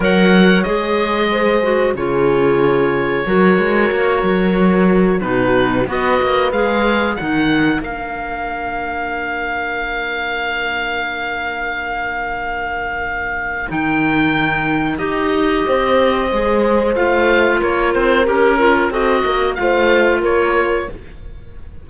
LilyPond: <<
  \new Staff \with { instrumentName = "oboe" } { \time 4/4 \tempo 4 = 92 fis''4 dis''2 cis''4~ | cis''1 | b'4 dis''4 f''4 fis''4 | f''1~ |
f''1~ | f''4 g''2 dis''4~ | dis''2 f''4 cis''8 c''8 | ais'4 dis''4 f''4 cis''4 | }
  \new Staff \with { instrumentName = "horn" } { \time 4/4 cis''2 c''4 gis'4~ | gis'4 ais'2. | fis'4 b'2 ais'4~ | ais'1~ |
ais'1~ | ais'1 | c''2. ais'4~ | ais'4 a'8 ais'8 c''4 ais'4 | }
  \new Staff \with { instrumentName = "clarinet" } { \time 4/4 ais'4 gis'4. fis'8 f'4~ | f'4 fis'2. | dis'4 fis'4 gis'4 dis'4 | d'1~ |
d'1~ | d'4 dis'2 g'4~ | g'4 gis'4 f'2 | g'8 f'8 fis'4 f'2 | }
  \new Staff \with { instrumentName = "cello" } { \time 4/4 fis4 gis2 cis4~ | cis4 fis8 gis8 ais8 fis4. | b,4 b8 ais8 gis4 dis4 | ais1~ |
ais1~ | ais4 dis2 dis'4 | c'4 gis4 a4 ais8 c'8 | cis'4 c'8 ais8 a4 ais4 | }
>>